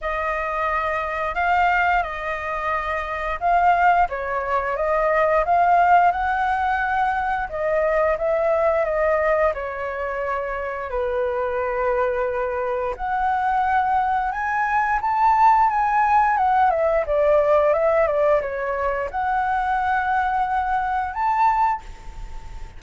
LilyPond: \new Staff \with { instrumentName = "flute" } { \time 4/4 \tempo 4 = 88 dis''2 f''4 dis''4~ | dis''4 f''4 cis''4 dis''4 | f''4 fis''2 dis''4 | e''4 dis''4 cis''2 |
b'2. fis''4~ | fis''4 gis''4 a''4 gis''4 | fis''8 e''8 d''4 e''8 d''8 cis''4 | fis''2. a''4 | }